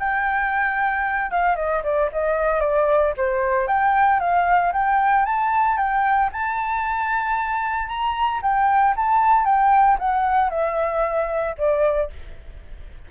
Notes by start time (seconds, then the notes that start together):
0.00 G5
1.31 F5
1.56 D#5
1.84 D5
2.13 D#5
2.61 D5
3.17 C5
3.68 G5
4.20 F5
4.73 G5
5.26 A5
5.78 G5
6.33 A5
7.88 A#5
8.43 G5
8.97 A5
9.45 G5
10.00 F#5
10.50 E5
11.58 D5